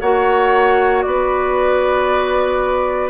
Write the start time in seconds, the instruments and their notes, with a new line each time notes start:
0.00 bassoon A#3, clarinet F#4, oboe C#5, flute F#5
1.02 bassoon B3, oboe B4, flute D5